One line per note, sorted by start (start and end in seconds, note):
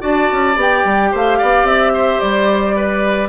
0.00 0.30 D4
0.00 0.55 F#4
0.00 1.10 D5
0.00 0.58 A5
0.32 0.56 C#4
0.56 0.84 B3
0.56 3.29 G4
0.56 1.16 G5
0.85 1.12 G3
1.12 1.41 A3
1.12 1.38 C5
1.12 1.67 F5
1.38 1.64 B3
1.38 1.93 D5
1.64 2.18 C4
1.64 2.20 E5
1.94 2.76 C5
2.20 3.29 G3
2.20 3.29 D5
2.76 3.29 B4